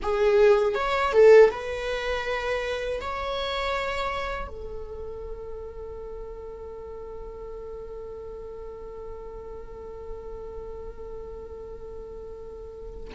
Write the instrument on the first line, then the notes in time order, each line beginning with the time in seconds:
viola
0.02 G#4
0.74 C#5
1.12 A4
1.50 B4
3.00 C#5
4.48 A4